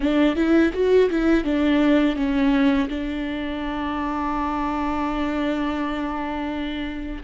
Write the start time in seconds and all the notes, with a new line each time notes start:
0.00 D4
0.35 E4
0.73 F#4
1.10 E4
1.44 D4
2.16 C#4
2.88 D4